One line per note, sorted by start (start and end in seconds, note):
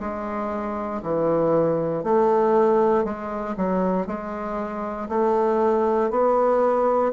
0.00 1.02 G#3
1.03 2.03 E3
2.03 3.05 A3
3.05 3.55 G#3
3.57 4.07 F#3
4.07 5.08 G#3
5.08 6.10 A3
6.11 7.12 B3